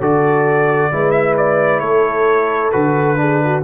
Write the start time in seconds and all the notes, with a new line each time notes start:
0.00 D3 F#4 A4 D5
0.91 G#3 E4 B4
1.11 E5
1.37 D5
1.80 A3 A4 C#5
2.72 D3 F#4 B4
3.16 D4 G#4
3.45 F#4